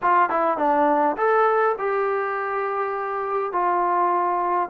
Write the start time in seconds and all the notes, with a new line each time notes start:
0.02 F4
0.29 E4
0.57 D4
1.16 A4
1.78 G4
3.52 F4